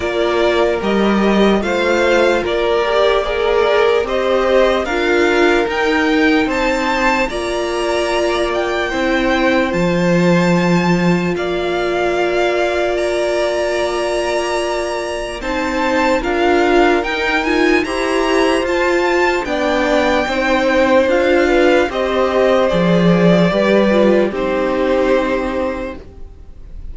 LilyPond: <<
  \new Staff \with { instrumentName = "violin" } { \time 4/4 \tempo 4 = 74 d''4 dis''4 f''4 d''4 | ais'4 dis''4 f''4 g''4 | a''4 ais''4. g''4. | a''2 f''2 |
ais''2. a''4 | f''4 g''8 gis''8 ais''4 a''4 | g''2 f''4 dis''4 | d''2 c''2 | }
  \new Staff \with { instrumentName = "violin" } { \time 4/4 ais'2 c''4 ais'4 | d''4 c''4 ais'2 | c''4 d''2 c''4~ | c''2 d''2~ |
d''2. c''4 | ais'2 c''2 | d''4 c''4. b'8 c''4~ | c''4 b'4 g'2 | }
  \new Staff \with { instrumentName = "viola" } { \time 4/4 f'4 g'4 f'4. g'8 | gis'4 g'4 f'4 dis'4~ | dis'4 f'2 e'4 | f'1~ |
f'2. dis'4 | f'4 dis'8 f'8 g'4 f'4 | d'4 dis'4 f'4 g'4 | gis'4 g'8 f'8 dis'2 | }
  \new Staff \with { instrumentName = "cello" } { \time 4/4 ais4 g4 a4 ais4~ | ais4 c'4 d'4 dis'4 | c'4 ais2 c'4 | f2 ais2~ |
ais2. c'4 | d'4 dis'4 e'4 f'4 | b4 c'4 d'4 c'4 | f4 g4 c'2 | }
>>